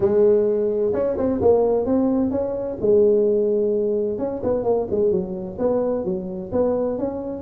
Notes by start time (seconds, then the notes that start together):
0.00 G#3
0.93 C#4
1.17 C4
1.41 A#3
1.85 C4
2.30 C#4
2.80 G#3
4.18 C#4
4.43 B3
4.63 A#3
4.90 G#3
5.11 F#3
5.58 B3
6.04 F#3
6.52 B3
6.98 C#4